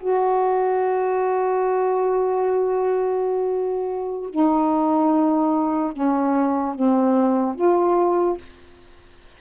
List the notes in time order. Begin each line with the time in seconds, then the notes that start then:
0.00 F#4
4.30 D#4
5.93 C#4
6.75 C4
7.56 F4